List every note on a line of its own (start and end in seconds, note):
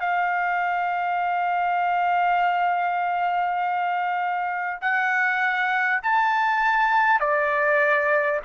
0.00 4.80 F5
4.82 6.02 F#5
6.03 7.20 A5
7.20 8.40 D5